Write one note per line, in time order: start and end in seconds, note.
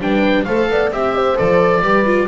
0.00 0.45 G3
0.00 0.46 D4
0.00 0.47 B4
0.00 0.44 G5
0.44 0.69 A3
0.44 0.92 A4
0.44 0.69 C5
0.44 0.90 F5
0.69 0.90 B3
0.69 0.93 D5
0.90 1.36 C4
0.90 1.36 G4
0.90 1.38 E5
0.90 1.15 E5
1.15 1.83 C5
1.36 1.81 F3
1.36 1.82 A4
1.36 2.27 D5
1.81 2.27 G3
1.81 2.05 G4
1.81 2.27 B4
2.05 2.27 F4